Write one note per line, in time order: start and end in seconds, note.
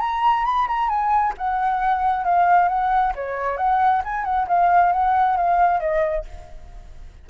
0.00 0.45 A#5
0.45 0.67 B5
0.67 0.89 A#5
0.89 1.34 G#5
1.37 2.24 F#5
2.24 2.68 F5
2.68 3.13 F#5
3.15 3.57 C#5
3.57 4.02 F#5
4.04 4.24 G#5
4.24 4.47 F#5
4.48 4.92 F5
4.92 5.37 F#5
5.37 5.80 F5
5.80 6.25 D#5